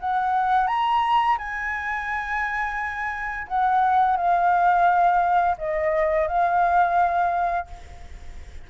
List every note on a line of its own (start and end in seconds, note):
0.00 0.68 F#5
0.68 1.37 A#5
1.38 3.48 G#5
3.48 4.17 F#5
4.17 5.57 F5
5.58 6.28 D#5
6.28 7.67 F5